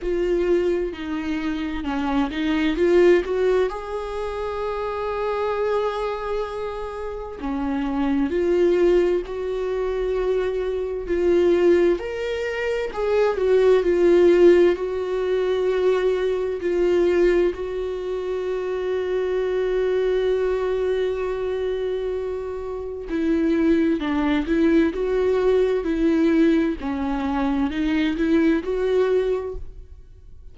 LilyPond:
\new Staff \with { instrumentName = "viola" } { \time 4/4 \tempo 4 = 65 f'4 dis'4 cis'8 dis'8 f'8 fis'8 | gis'1 | cis'4 f'4 fis'2 | f'4 ais'4 gis'8 fis'8 f'4 |
fis'2 f'4 fis'4~ | fis'1~ | fis'4 e'4 d'8 e'8 fis'4 | e'4 cis'4 dis'8 e'8 fis'4 | }